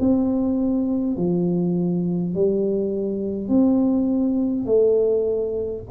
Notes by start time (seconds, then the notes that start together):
0.00 C4
1.17 F3
2.35 G3
3.49 C4
4.66 A3